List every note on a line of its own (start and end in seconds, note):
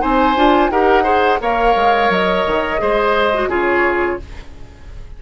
0.00 0.36 C4
0.00 0.35 D#4
0.00 0.71 C5
0.00 0.71 G#5
0.36 0.70 D4
0.36 0.72 F4
0.70 1.40 D#4
0.70 1.05 G4
0.70 1.04 A#4
0.70 1.40 F#5
1.04 1.40 G#4
1.04 1.39 C5
1.41 1.76 A#3
1.41 2.79 A#4
1.41 2.82 C#5
1.41 2.12 F5
1.76 2.10 G#3
2.10 2.45 F#3
2.10 3.51 D#5
2.47 2.82 D#3
2.79 3.48 G#3
2.79 3.31 G#4
2.79 3.49 C5
3.34 3.50 F#4
3.48 4.17 C#3
3.48 4.20 F4
3.48 4.19 G#4
3.48 4.23 C#5